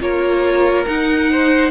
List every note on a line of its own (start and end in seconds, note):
0.00 0.86 A#3
0.00 0.86 F4
0.00 1.31 A#4
0.00 0.86 C#5
0.86 1.71 D#4
0.86 1.71 F#5
1.31 1.71 C5